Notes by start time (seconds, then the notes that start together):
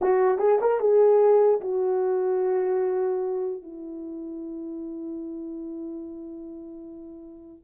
0.01 F#4
0.38 G#4
0.60 A#4
0.80 G#4
1.61 F#4
3.62 E4